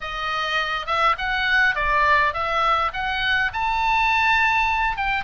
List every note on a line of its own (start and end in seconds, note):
0.00 0.86 D#5
0.86 1.15 E5
1.18 1.75 F#5
1.75 2.33 D5
2.33 2.91 E5
2.93 3.51 F#5
3.53 4.96 A5
4.96 5.24 G5